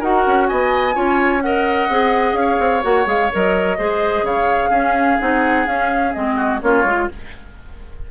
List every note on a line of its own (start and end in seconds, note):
0.00 0.26 D#4
0.00 0.94 F#4
0.00 0.47 A#4
0.00 0.48 F#5
0.27 0.51 C#4
0.48 0.96 B3
0.48 0.95 D#5
0.48 1.42 G#5
0.94 1.89 C#4
0.94 1.41 F4
0.94 1.42 C#5
1.42 1.90 A#4
1.42 2.40 D#5
1.42 2.35 F#5
1.89 2.33 C4
1.89 2.82 G#4
2.33 2.57 C#4
2.33 2.82 F5
2.40 3.78 C#5
2.60 2.83 C4
2.82 3.06 A#3
2.82 3.05 F#4
2.82 3.07 F#5
3.06 3.30 G#3
3.06 3.29 G#4
3.06 3.32 F5
3.33 3.79 F#3
3.33 3.78 A#4
3.33 4.26 D#5
3.78 4.23 G#3
3.78 4.73 G#4
3.78 4.25 C5
4.23 4.70 C#3
4.23 4.69 C#5
4.23 5.20 F5
4.69 5.18 C#4
4.69 5.19 C#4
4.69 6.35 G#4
5.19 5.67 C4
5.19 5.67 D#4
5.19 5.67 F#5
5.67 6.14 C#4
5.67 6.14 F5
6.14 6.62 G#3
6.14 6.61 C4
6.14 6.61 D#5
6.36 6.60 F#4
6.61 6.84 A#3
6.61 6.85 C#4
6.61 7.11 F4
6.61 7.09 C#5
6.84 7.08 G#3
6.84 7.10 F4